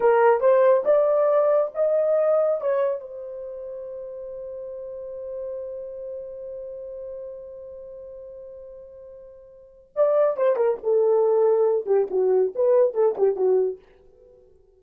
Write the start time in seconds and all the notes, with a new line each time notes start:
0.00 A#4
0.40 C5
0.84 D5
1.74 D#5
2.60 C#5
3.00 C5
9.95 D5
10.36 C5
10.56 A#4
10.83 A4
11.85 G4
12.10 F#4
12.55 B4
12.94 A4
13.17 G4
13.35 F#4